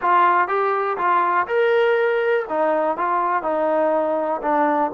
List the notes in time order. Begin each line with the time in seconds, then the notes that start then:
0.01 F4
0.48 G4
0.97 F4
1.47 A#4
2.49 D#4
2.97 F4
3.42 D#4
4.42 D4